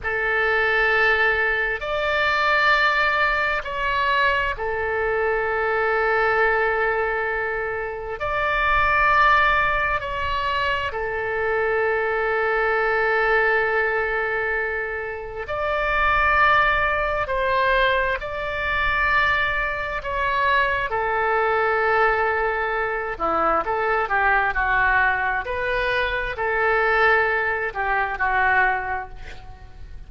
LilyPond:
\new Staff \with { instrumentName = "oboe" } { \time 4/4 \tempo 4 = 66 a'2 d''2 | cis''4 a'2.~ | a'4 d''2 cis''4 | a'1~ |
a'4 d''2 c''4 | d''2 cis''4 a'4~ | a'4. e'8 a'8 g'8 fis'4 | b'4 a'4. g'8 fis'4 | }